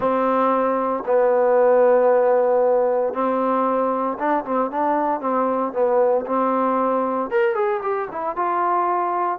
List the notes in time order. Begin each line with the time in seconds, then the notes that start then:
0.00 C4
1.06 B3
3.13 C4
4.18 D4
4.44 C4
4.70 D4
5.20 C4
5.72 B3
6.26 C4
7.30 A#4
7.54 G#4
7.82 G4
8.11 E4
8.35 F4